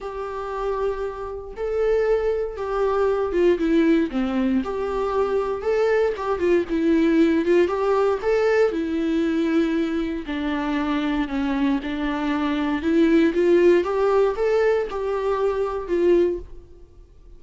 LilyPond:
\new Staff \with { instrumentName = "viola" } { \time 4/4 \tempo 4 = 117 g'2. a'4~ | a'4 g'4. f'8 e'4 | c'4 g'2 a'4 | g'8 f'8 e'4. f'8 g'4 |
a'4 e'2. | d'2 cis'4 d'4~ | d'4 e'4 f'4 g'4 | a'4 g'2 f'4 | }